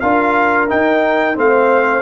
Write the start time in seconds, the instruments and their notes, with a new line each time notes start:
0.00 tuba D4, trombone F4, horn A#4, trumpet F5
0.68 trombone D#4, tuba D#4, trumpet G5
1.35 tuba A3, trombone C4, horn C5, trumpet F5